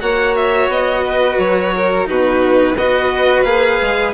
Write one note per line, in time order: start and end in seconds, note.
0.00 0.68 A#3
0.00 2.05 F#4
0.00 1.05 C#5
0.00 0.35 F#5
0.36 0.70 E5
0.68 1.37 B3
0.68 1.39 D#5
1.06 1.75 B4
1.38 2.07 F#3
1.38 2.08 C#5
1.76 2.10 A#4
2.05 2.75 B2
2.05 2.74 D#4
2.05 2.76 F#4
2.05 2.77 B4
2.75 3.44 B3
2.75 3.46 F#4
2.75 4.14 B4
2.75 3.43 D#5
3.43 3.79 A#3
3.43 4.14 G#4
3.43 4.12 F5
3.81 4.14 G#3